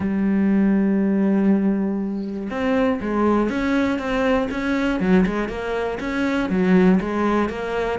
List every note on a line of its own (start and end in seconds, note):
0.00 2.49 G3
2.50 3.00 C4
3.01 3.49 G#3
3.49 3.98 C#4
3.98 4.48 C4
4.50 5.00 C#4
5.00 5.25 F#3
5.25 5.48 G#3
5.48 5.98 A#3
6.00 6.49 C#4
6.49 6.99 F#3
7.00 7.49 G#3
7.49 7.99 A#3